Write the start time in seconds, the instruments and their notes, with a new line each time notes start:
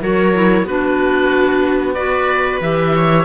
0.00 cello F#3, clarinet F#4, viola A#4, oboe C#5
0.33 clarinet E4
0.62 cello B3, clarinet D4, viola F#4, oboe B4
1.94 clarinet F#4, viola B4, oboe D5
2.60 cello E3, clarinet G4, oboe E5
2.95 viola C#5